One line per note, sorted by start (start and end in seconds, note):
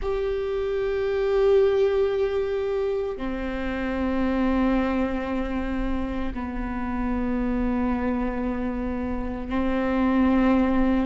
0.01 3.17 G4
3.17 6.33 C4
6.34 9.49 B3
9.49 11.05 C4